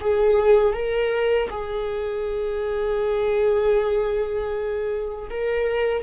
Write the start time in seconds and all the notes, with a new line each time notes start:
0.00 G#4
0.73 A#4
1.50 G#4
5.30 A#4